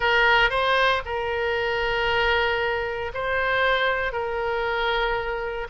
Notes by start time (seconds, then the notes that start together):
0.00 A#4
0.50 C5
1.05 A#4
3.13 C5
4.12 A#4